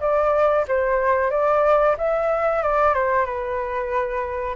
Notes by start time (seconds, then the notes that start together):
0.00 D5
0.68 C5
1.30 D5
1.97 E5
2.62 D5
2.94 C5
3.25 B4